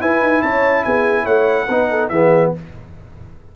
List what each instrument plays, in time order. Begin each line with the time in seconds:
0.00 trombone E4, tuba E4, horn B4, trumpet G#5
0.21 tuba D#4
0.42 tuba C#4, horn C#5, trumpet A5
0.84 tuba B3, horn G#4, trumpet G#5
1.23 tuba A3, horn C#5, trumpet F#5
1.68 tuba B3, trombone D#4, horn B4
1.90 horn A4
2.09 tuba E3, trombone B3, horn G#4, trumpet E5